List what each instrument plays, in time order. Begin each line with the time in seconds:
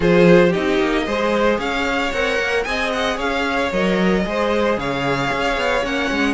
0.00 cello F3, viola F4, violin G#4 C5
0.49 viola D#4, violin G4 D#5
0.56 cello C4
0.80 cello A#3
1.06 cello G#3, viola G#4, violin C5
1.58 cello C#4, violin C#5 F5
2.12 cello C4, viola A#4, violin F#5
2.39 cello A#3
2.63 cello C4, viola G#4, violin D#5 G#5
2.92 violin F#5
3.16 cello C#4, violin C#5 F5
3.72 cello F#3, viola A#4, violin D#5
4.24 cello G#3, viola G#4, violin C5
4.77 cello C#3, violin C#5 F5
5.31 cello C#4
5.56 cello B3
5.83 cello A#3, viola C#4, violin F#5
6.11 cello G#3